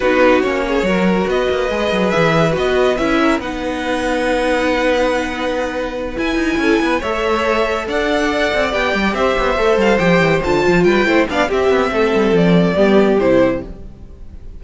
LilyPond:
<<
  \new Staff \with { instrumentName = "violin" } { \time 4/4 \tempo 4 = 141 b'4 cis''2 dis''4~ | dis''4 e''4 dis''4 e''4 | fis''1~ | fis''2~ fis''8 gis''4.~ |
gis''8 e''2 fis''4.~ | fis''8 g''4 e''4. f''8 g''8~ | g''8 a''4 g''4 f''8 e''4~ | e''4 d''2 c''4 | }
  \new Staff \with { instrumentName = "violin" } { \time 4/4 fis'4. gis'8 ais'4 b'4~ | b'2.~ b'8 ais'8 | b'1~ | b'2.~ b'8 a'8 |
b'8 cis''2 d''4.~ | d''4. c''2~ c''8~ | c''4. b'8 c''8 d''8 g'4 | a'2 g'2 | }
  \new Staff \with { instrumentName = "viola" } { \time 4/4 dis'4 cis'4 fis'2 | gis'2 fis'4 e'4 | dis'1~ | dis'2~ dis'8 e'4.~ |
e'8 a'2.~ a'8~ | a'8 g'2 a'4 g'8~ | g'8 f'4. e'8 d'8 c'4~ | c'2 b4 e'4 | }
  \new Staff \with { instrumentName = "cello" } { \time 4/4 b4 ais4 fis4 b8 ais8 | gis8 fis8 e4 b4 cis'4 | b1~ | b2~ b8 e'8 dis'8 cis'8 |
b8 a2 d'4. | c'8 b8 g8 c'8 b8 a8 g8 f8 | e8 d8 f8 g8 a8 b8 c'8 b8 | a8 g8 f4 g4 c4 | }
>>